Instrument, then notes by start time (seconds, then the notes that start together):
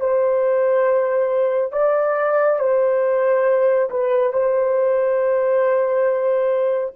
horn
0.00 C5
1.72 D5
2.60 C5
3.90 B4
4.33 C5